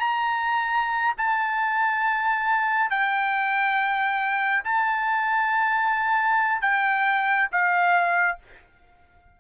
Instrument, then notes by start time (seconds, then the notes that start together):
trumpet
0.00 A#5
1.18 A5
2.91 G5
4.64 A5
6.62 G5
7.52 F5